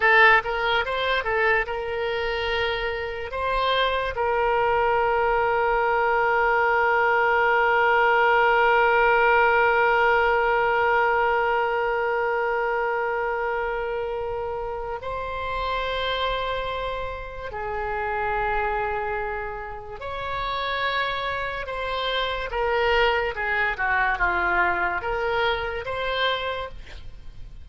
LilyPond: \new Staff \with { instrumentName = "oboe" } { \time 4/4 \tempo 4 = 72 a'8 ais'8 c''8 a'8 ais'2 | c''4 ais'2.~ | ais'1~ | ais'1~ |
ais'2 c''2~ | c''4 gis'2. | cis''2 c''4 ais'4 | gis'8 fis'8 f'4 ais'4 c''4 | }